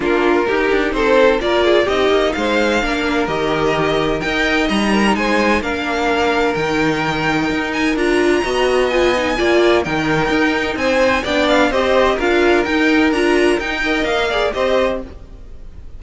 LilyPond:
<<
  \new Staff \with { instrumentName = "violin" } { \time 4/4 \tempo 4 = 128 ais'2 c''4 d''4 | dis''4 f''2 dis''4~ | dis''4 g''4 ais''4 gis''4 | f''2 g''2~ |
g''8 gis''8 ais''2 gis''4~ | gis''4 g''2 gis''4 | g''8 f''8 dis''4 f''4 g''4 | ais''4 g''4 f''4 dis''4 | }
  \new Staff \with { instrumentName = "violin" } { \time 4/4 f'4 g'4 a'4 ais'8 gis'8 | g'4 c''4 ais'2~ | ais'4 dis''4. ais'8 c''4 | ais'1~ |
ais'2 dis''2 | d''4 ais'2 c''4 | d''4 c''4 ais'2~ | ais'4. dis''4 d''8 c''4 | }
  \new Staff \with { instrumentName = "viola" } { \time 4/4 d'4 dis'2 f'4 | dis'2 d'4 g'4~ | g'4 ais'4 dis'2 | d'2 dis'2~ |
dis'4 f'4 fis'4 f'8 dis'8 | f'4 dis'2. | d'4 g'4 f'4 dis'4 | f'4 dis'8 ais'4 gis'8 g'4 | }
  \new Staff \with { instrumentName = "cello" } { \time 4/4 ais4 dis'8 d'8 c'4 ais4 | c'8 ais8 gis4 ais4 dis4~ | dis4 dis'4 g4 gis4 | ais2 dis2 |
dis'4 d'4 b2 | ais4 dis4 dis'4 c'4 | b4 c'4 d'4 dis'4 | d'4 dis'4 ais4 c'4 | }
>>